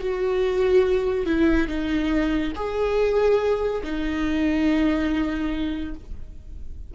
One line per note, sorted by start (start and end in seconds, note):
0.00 1.26 F#4
1.26 1.68 E4
1.68 2.52 D#4
2.55 3.82 G#4
3.83 5.95 D#4